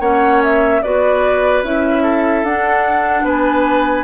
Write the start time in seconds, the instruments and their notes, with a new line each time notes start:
0.00 bassoon A#3, clarinet C#4, oboe C#5, flute F#5
0.43 flute E5
0.82 bassoon B3, clarinet F#4, oboe B4, flute D5
1.63 bassoon C#4, clarinet E4, flute E5
2.03 oboe A4
2.43 bassoon D4, clarinet D4, flute F#5
3.23 bassoon B3, oboe B4, flute G#5